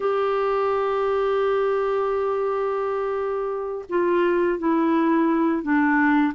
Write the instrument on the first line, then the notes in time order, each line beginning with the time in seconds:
clarinet
0.00 G4
3.89 F4
4.58 E4
5.62 D4